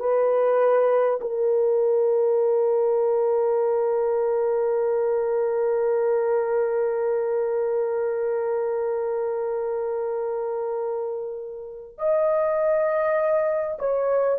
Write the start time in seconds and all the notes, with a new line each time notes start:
0.00 B4
1.21 A#4
11.98 D#5
13.79 C#5